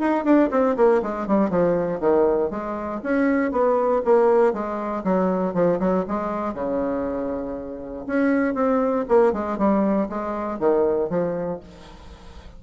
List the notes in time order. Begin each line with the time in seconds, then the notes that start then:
0.00 D#4
0.25 D4
0.51 C4
0.77 A#3
1.03 G#3
1.28 G3
1.50 F3
2.01 D#3
2.51 G#3
3.03 C#4
3.52 B3
4.05 A#3
4.54 G#3
5.05 F#3
5.54 F3
5.80 F#3
6.08 G#3
6.55 C#3
8.07 C#4
8.55 C4
9.09 A#3
9.33 G#3
9.58 G3
10.10 G#3
10.60 D#3
11.10 F3